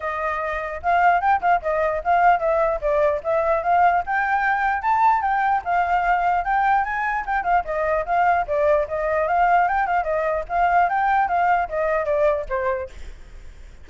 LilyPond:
\new Staff \with { instrumentName = "flute" } { \time 4/4 \tempo 4 = 149 dis''2 f''4 g''8 f''8 | dis''4 f''4 e''4 d''4 | e''4 f''4 g''2 | a''4 g''4 f''2 |
g''4 gis''4 g''8 f''8 dis''4 | f''4 d''4 dis''4 f''4 | g''8 f''8 dis''4 f''4 g''4 | f''4 dis''4 d''4 c''4 | }